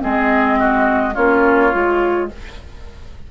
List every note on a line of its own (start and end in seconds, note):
0.00 1.16 G#3
0.00 1.13 C4
0.00 0.59 G#4
0.00 1.15 D#5
0.59 1.14 F#4
1.14 1.73 A#3
1.14 1.71 C#4
1.14 2.27 F4
1.14 2.28 C#5
1.71 2.30 G#3
1.71 2.28 F4